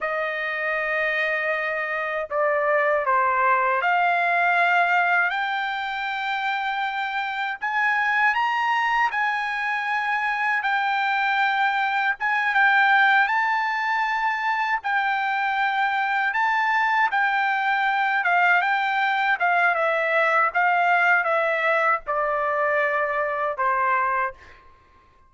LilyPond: \new Staff \with { instrumentName = "trumpet" } { \time 4/4 \tempo 4 = 79 dis''2. d''4 | c''4 f''2 g''4~ | g''2 gis''4 ais''4 | gis''2 g''2 |
gis''8 g''4 a''2 g''8~ | g''4. a''4 g''4. | f''8 g''4 f''8 e''4 f''4 | e''4 d''2 c''4 | }